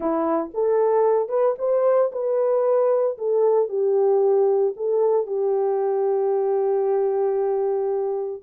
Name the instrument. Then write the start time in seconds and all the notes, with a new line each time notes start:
horn
0.00 E4
0.54 A4
1.28 B4
1.58 C5
2.11 B4
3.17 A4
3.68 G4
4.76 A4
5.27 G4